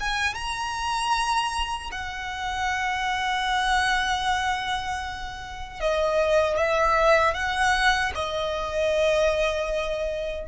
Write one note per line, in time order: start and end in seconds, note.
0.00 0.34 G#5
0.34 1.90 A#5
1.92 5.81 F#5
5.81 6.57 D#5
6.57 7.34 E5
7.34 8.12 F#5
8.15 10.47 D#5